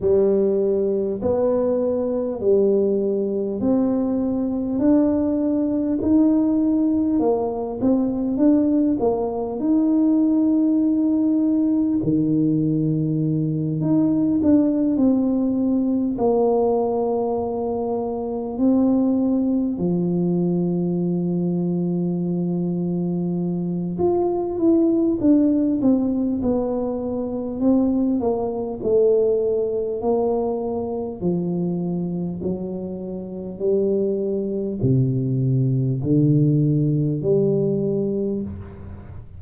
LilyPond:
\new Staff \with { instrumentName = "tuba" } { \time 4/4 \tempo 4 = 50 g4 b4 g4 c'4 | d'4 dis'4 ais8 c'8 d'8 ais8 | dis'2 dis4. dis'8 | d'8 c'4 ais2 c'8~ |
c'8 f2.~ f8 | f'8 e'8 d'8 c'8 b4 c'8 ais8 | a4 ais4 f4 fis4 | g4 c4 d4 g4 | }